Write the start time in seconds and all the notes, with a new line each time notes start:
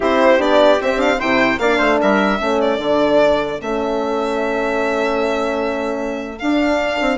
0.00 C4 E4 G4 C5
0.39 B3 D4 D5
0.81 C4 E5
0.97 D4 F5
1.18 C3 E4 C5 G5
1.58 A#3 D4 D5 F5
1.78 A3 C5
2.01 G3 A#4 E5
2.38 A3 C#4 A4
2.60 D5
2.78 D3 D4
3.59 A3 C#4 E5
6.38 D4 F5
7.00 C4